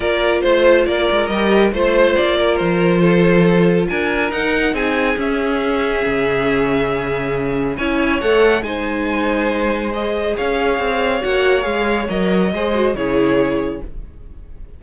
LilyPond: <<
  \new Staff \with { instrumentName = "violin" } { \time 4/4 \tempo 4 = 139 d''4 c''4 d''4 dis''4 | c''4 d''4 c''2~ | c''4 gis''4 fis''4 gis''4 | e''1~ |
e''2 gis''4 fis''4 | gis''2. dis''4 | f''2 fis''4 f''4 | dis''2 cis''2 | }
  \new Staff \with { instrumentName = "violin" } { \time 4/4 ais'4 c''4 ais'2 | c''4. ais'4. a'4~ | a'4 ais'2 gis'4~ | gis'1~ |
gis'2 cis''2 | c''1 | cis''1~ | cis''4 c''4 gis'2 | }
  \new Staff \with { instrumentName = "viola" } { \time 4/4 f'2. g'4 | f'1~ | f'2 dis'2 | cis'1~ |
cis'2 e'4 a'4 | dis'2. gis'4~ | gis'2 fis'4 gis'4 | ais'4 gis'8 fis'8 e'2 | }
  \new Staff \with { instrumentName = "cello" } { \time 4/4 ais4 a4 ais8 gis8 g4 | a4 ais4 f2~ | f4 d'4 dis'4 c'4 | cis'2 cis2~ |
cis2 cis'4 a4 | gis1 | cis'4 c'4 ais4 gis4 | fis4 gis4 cis2 | }
>>